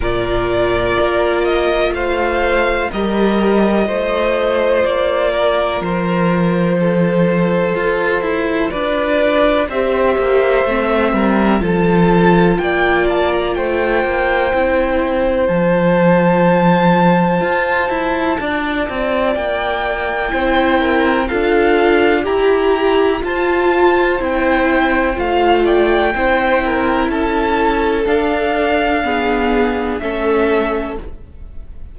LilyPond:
<<
  \new Staff \with { instrumentName = "violin" } { \time 4/4 \tempo 4 = 62 d''4. dis''8 f''4 dis''4~ | dis''4 d''4 c''2~ | c''4 d''4 e''2 | a''4 g''8 a''16 ais''16 g''2 |
a''1 | g''2 f''4 ais''4 | a''4 g''4 f''8 g''4. | a''4 f''2 e''4 | }
  \new Staff \with { instrumentName = "violin" } { \time 4/4 ais'2 c''4 ais'4 | c''4. ais'4. a'4~ | a'4 b'4 c''4. ais'8 | a'4 d''4 c''2~ |
c''2. d''4~ | d''4 c''8 ais'8 a'4 g'4 | c''2~ c''8 d''8 c''8 ais'8 | a'2 gis'4 a'4 | }
  \new Staff \with { instrumentName = "viola" } { \time 4/4 f'2. g'4 | f'1~ | f'2 g'4 c'4 | f'2. e'4 |
f'1~ | f'4 e'4 f'4 g'4 | f'4 e'4 f'4 e'4~ | e'4 d'4 b4 cis'4 | }
  \new Staff \with { instrumentName = "cello" } { \time 4/4 ais,4 ais4 a4 g4 | a4 ais4 f2 | f'8 e'8 d'4 c'8 ais8 a8 g8 | f4 ais4 a8 ais8 c'4 |
f2 f'8 e'8 d'8 c'8 | ais4 c'4 d'4 e'4 | f'4 c'4 a4 c'4 | cis'4 d'2 a4 | }
>>